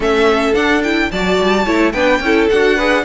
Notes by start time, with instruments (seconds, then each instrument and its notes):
0.00 cello A3, viola C#4, violin A4 E5
0.54 viola D4, cello D4, violin F#5
0.83 viola E4, violin G5
1.11 cello F#3, viola F#4, violin D5 A5
1.40 cello G3
1.64 cello A3, viola E4, violin C#5
1.92 cello B3, viola D4, violin B4 G5
2.20 cello C#4, viola E4, violin A4
2.49 cello D4, viola F#4, violin F#5
2.76 viola G#4, violin B4